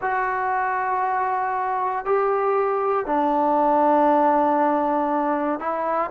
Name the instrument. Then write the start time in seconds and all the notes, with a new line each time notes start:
trombone
0.01 F#4
2.05 G4
3.06 D4
5.59 E4